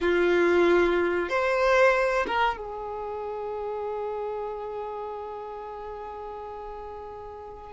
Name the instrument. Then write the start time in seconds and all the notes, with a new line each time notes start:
violin
0.00 F4
1.29 C5
2.26 A#4
2.57 G#4